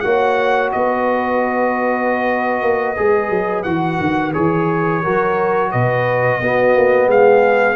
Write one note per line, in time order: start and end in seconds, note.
0.00 0.73 A#3
0.00 2.96 F#4
0.00 0.73 C#5
0.00 0.69 F#5
0.71 2.62 B3
0.71 5.02 B4
0.71 3.63 D#5
2.62 2.97 A#3
2.96 3.30 G#3
2.96 3.65 G#4
3.30 3.64 F#3
3.63 3.99 E3
3.63 4.33 F#4
3.63 4.32 F#5
4.00 4.34 D#3
4.33 5.05 E3
4.33 5.02 G#4
4.33 5.71 C#5
5.02 5.73 F#3
5.02 6.42 F#4
5.02 5.71 A#4
5.71 6.40 B2
5.71 6.40 B4
5.71 7.09 D#5
6.40 6.75 B3
6.40 7.75 B3
6.40 7.08 F#4
6.75 7.07 A#3
7.07 7.75 G#3
7.07 7.75 G#4
7.07 7.75 F5